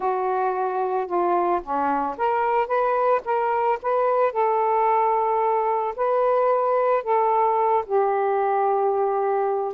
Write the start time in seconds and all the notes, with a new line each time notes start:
0.00 F#4
1.06 F4
1.62 C#4
2.17 A#4
2.67 B4
3.24 A#4
3.82 B4
4.32 A4
5.96 B4
7.03 A4
7.86 G4